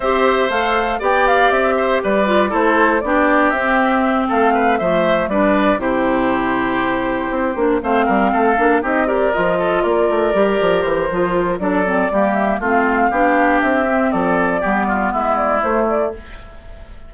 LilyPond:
<<
  \new Staff \with { instrumentName = "flute" } { \time 4/4 \tempo 4 = 119 e''4 f''4 g''8 f''8 e''4 | d''4 c''4 d''4 e''4~ | e''8 f''4 e''4 d''4 c''8~ | c''2.~ c''8 f''8~ |
f''4. dis''8 d''8 dis''4 d''8~ | d''4. c''4. d''4~ | d''8 e''8 f''2 e''4 | d''2 e''8 d''8 c''8 d''8 | }
  \new Staff \with { instrumentName = "oboe" } { \time 4/4 c''2 d''4. c''8 | b'4 a'4 g'2~ | g'8 a'8 b'8 c''4 b'4 g'8~ | g'2.~ g'8 c''8 |
ais'8 a'4 g'8 ais'4 a'8 ais'8~ | ais'2. a'4 | g'4 f'4 g'2 | a'4 g'8 f'8 e'2 | }
  \new Staff \with { instrumentName = "clarinet" } { \time 4/4 g'4 a'4 g'2~ | g'8 f'8 e'4 d'4 c'4~ | c'4. a4 d'4 e'8~ | e'2. d'8 c'8~ |
c'4 d'8 dis'8 g'8 f'4.~ | f'8 g'4. f'4 d'8 c'8 | ais4 c'4 d'4. c'8~ | c'4 b2 a4 | }
  \new Staff \with { instrumentName = "bassoon" } { \time 4/4 c'4 a4 b4 c'4 | g4 a4 b4 c'4~ | c'8 a4 f4 g4 c8~ | c2~ c8 c'8 ais8 a8 |
g8 a8 ais8 c'4 f4 ais8 | a8 g8 f8 e8 f4 fis4 | g4 a4 b4 c'4 | f4 g4 gis4 a4 | }
>>